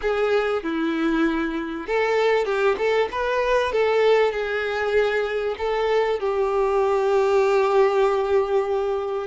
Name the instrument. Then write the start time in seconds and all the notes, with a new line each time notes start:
violin
0.01 G#4
0.63 E4
1.86 A4
2.45 G4
2.78 A4
3.11 B4
3.72 A4
4.32 G#4
5.58 A4
6.19 G4